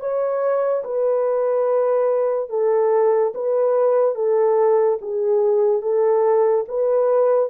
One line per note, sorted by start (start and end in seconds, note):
0.00 0.83 C#5
0.84 2.50 B4
2.50 3.33 A4
3.35 4.16 B4
4.16 4.99 A4
5.02 5.82 G#4
5.82 6.65 A4
6.69 7.50 B4